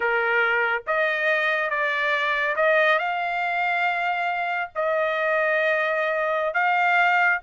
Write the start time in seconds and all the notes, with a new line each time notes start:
0.00 A#4
0.86 D#5
1.69 D5
2.56 D#5
2.99 F5
4.75 D#5
6.54 F5